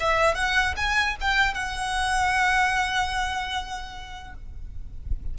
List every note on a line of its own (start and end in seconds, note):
0.00 0.35 E5
0.35 0.75 F#5
0.76 1.16 G#5
1.21 1.54 G5
1.54 4.34 F#5